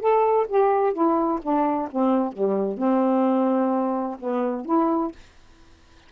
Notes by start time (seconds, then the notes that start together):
0.00 A4
0.48 G4
0.93 E4
1.42 D4
1.92 C4
2.33 G3
2.78 C4
4.20 B3
4.65 E4